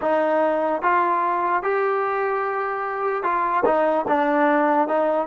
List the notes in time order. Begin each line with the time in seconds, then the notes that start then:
0.01 D#4
0.81 F4
1.62 G4
3.23 F4
3.65 D#4
4.08 D4
4.88 D#4